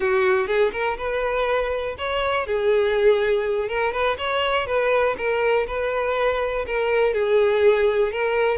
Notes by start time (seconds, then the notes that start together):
0.00 F#4
0.47 G#4
0.72 A#4
0.97 B4
1.98 C#5
2.46 G#4
3.68 A#4
3.92 B4
4.18 C#5
4.67 B4
5.17 A#4
5.67 B4
6.66 A#4
7.13 G#4
8.12 A#4